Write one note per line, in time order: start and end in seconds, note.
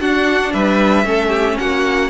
0.00 0.53 D4
0.00 1.05 D4
0.00 0.53 F#4
0.00 0.53 F#5
0.53 1.04 G3
0.53 1.06 B4
0.53 1.58 E5
1.04 1.56 A3
1.04 2.10 C#4
1.04 1.28 A4
1.28 1.54 G4
1.58 2.10 A#3
1.58 2.10 F#4
1.58 2.10 F#5